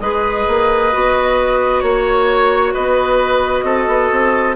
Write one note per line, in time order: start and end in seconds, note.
0.00 0.46 G#3
0.00 0.92 G#4
0.00 1.84 B4
0.00 1.80 D#5
0.48 0.93 A#3
0.92 1.82 B3
0.92 4.55 F#4
1.80 2.73 A#3
1.80 2.71 C#5
1.80 2.73 C#5
2.73 3.63 B3
2.73 3.64 B4
2.73 4.55 D#5
3.63 3.86 C4
3.63 4.56 A4
3.87 4.10 B3
4.11 4.56 C4